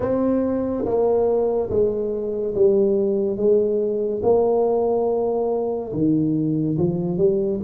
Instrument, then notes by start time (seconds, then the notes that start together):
tuba
0.00 C4
0.85 A#3
1.69 G#3
2.54 G3
3.36 G#3
4.23 A#3
5.92 D#3
6.77 F3
7.17 G3